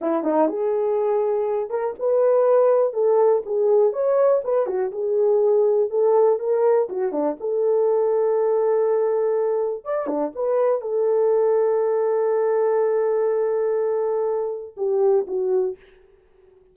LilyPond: \new Staff \with { instrumentName = "horn" } { \time 4/4 \tempo 4 = 122 e'8 dis'8 gis'2~ gis'8 ais'8 | b'2 a'4 gis'4 | cis''4 b'8 fis'8 gis'2 | a'4 ais'4 fis'8 d'8 a'4~ |
a'1 | d''8 d'8 b'4 a'2~ | a'1~ | a'2 g'4 fis'4 | }